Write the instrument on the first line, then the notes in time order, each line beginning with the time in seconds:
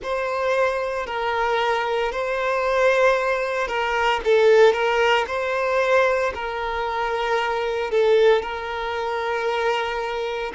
violin
0.02 C5
1.06 A#4
2.11 C5
3.67 A#4
4.24 A4
4.72 A#4
5.27 C5
6.34 A#4
7.90 A4
8.42 A#4